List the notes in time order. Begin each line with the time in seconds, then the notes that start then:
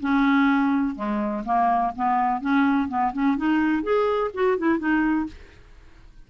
0.00 C#4
0.95 G#3
1.45 A#3
1.96 B3
2.41 C#4
2.88 B3
3.13 C#4
3.37 D#4
3.83 G#4
4.34 F#4
4.58 E4
4.78 D#4